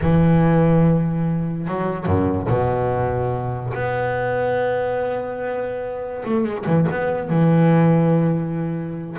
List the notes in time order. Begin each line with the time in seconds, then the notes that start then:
0.01 E3
1.67 F#3
2.05 F#2
2.48 B2
3.74 B3
6.25 A3
6.44 G#3
6.66 E3
6.91 B3
7.29 E3